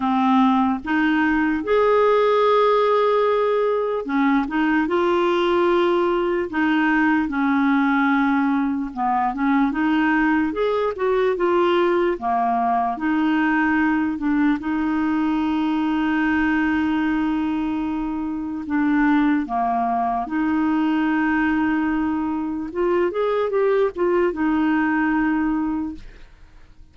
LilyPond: \new Staff \with { instrumentName = "clarinet" } { \time 4/4 \tempo 4 = 74 c'4 dis'4 gis'2~ | gis'4 cis'8 dis'8 f'2 | dis'4 cis'2 b8 cis'8 | dis'4 gis'8 fis'8 f'4 ais4 |
dis'4. d'8 dis'2~ | dis'2. d'4 | ais4 dis'2. | f'8 gis'8 g'8 f'8 dis'2 | }